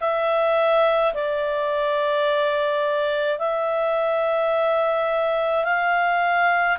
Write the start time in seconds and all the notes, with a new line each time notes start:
0.00 E5
1.14 D5
3.39 E5
5.64 F5